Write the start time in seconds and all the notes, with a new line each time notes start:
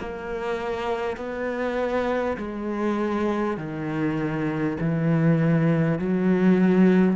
0.00 A#3
1.17 B3
2.38 G#3
3.57 D#3
4.81 E3
5.99 F#3